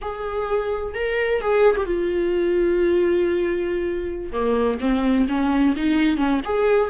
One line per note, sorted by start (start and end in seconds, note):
0.01 0.94 G#4
0.94 1.41 A#4
1.41 1.76 G#4
1.76 1.85 G4
1.85 4.31 F4
4.32 4.79 A#3
4.80 5.27 C4
5.28 5.75 C#4
5.76 6.17 D#4
6.17 6.40 C#4
6.44 6.89 G#4